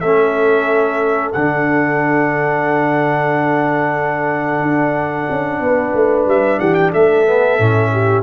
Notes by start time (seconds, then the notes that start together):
0.00 A3 C#4 A4 E5
1.32 D3 D4 F#5
4.61 D4
5.29 C#4
5.59 B3 B4
5.93 A3
6.26 G3 E5
6.59 E3 G4 F#5
6.74 G5
6.91 A3 A4 E5
7.26 B3
7.59 A2 C#4
7.92 G4